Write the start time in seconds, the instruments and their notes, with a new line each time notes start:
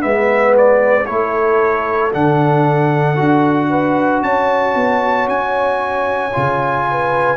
0.00 tuba G#3, trombone B3, horn B4, trumpet E5
0.58 trumpet D5
1.06 tuba A3, trombone E4, horn A4, trumpet C#5
2.13 tuba D3, trombone D4, trumpet F#5
3.16 tuba D4, trombone F#4
3.70 horn B4
4.23 tuba C#4, horn C#5, trumpet A5
4.75 tuba B3
5.27 tuba C#4, trumpet G#5
6.33 tuba C#3, trombone F4
6.91 horn B4